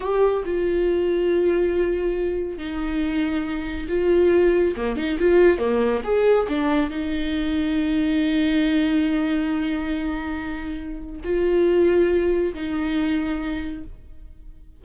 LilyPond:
\new Staff \with { instrumentName = "viola" } { \time 4/4 \tempo 4 = 139 g'4 f'2.~ | f'2 dis'2~ | dis'4 f'2 ais8 dis'8 | f'4 ais4 gis'4 d'4 |
dis'1~ | dis'1~ | dis'2 f'2~ | f'4 dis'2. | }